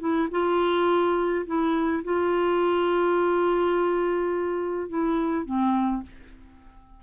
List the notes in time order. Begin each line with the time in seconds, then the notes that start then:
0.00 E4
0.31 F4
1.46 E4
2.05 F4
4.89 E4
5.46 C4